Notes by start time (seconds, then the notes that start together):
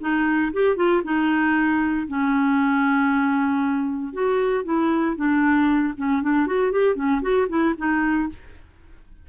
0.00 D#4
0.53 G4
0.76 F4
1.04 D#4
2.08 C#4
4.13 F#4
4.64 E4
5.16 D4
5.97 C#4
6.22 D4
6.46 F#4
6.71 G4
6.95 C#4
7.22 F#4
7.49 E4
7.77 D#4